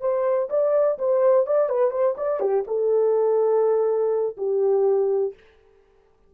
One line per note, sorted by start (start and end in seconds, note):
0.00 0.48 C5
0.49 0.98 D5
0.98 1.46 C5
1.46 1.69 D5
1.69 1.90 B4
1.90 2.15 C5
2.17 2.40 D5
2.40 2.64 G4
2.67 4.36 A4
4.37 5.34 G4